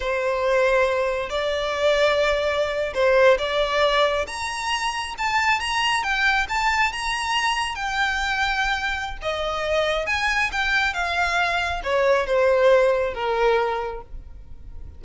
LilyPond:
\new Staff \with { instrumentName = "violin" } { \time 4/4 \tempo 4 = 137 c''2. d''4~ | d''2~ d''8. c''4 d''16~ | d''4.~ d''16 ais''2 a''16~ | a''8. ais''4 g''4 a''4 ais''16~ |
ais''4.~ ais''16 g''2~ g''16~ | g''4 dis''2 gis''4 | g''4 f''2 cis''4 | c''2 ais'2 | }